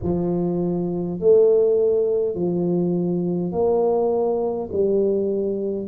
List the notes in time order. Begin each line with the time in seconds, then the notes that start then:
0.02 F3
1.20 A3
2.35 F3
3.52 A#3
4.72 G3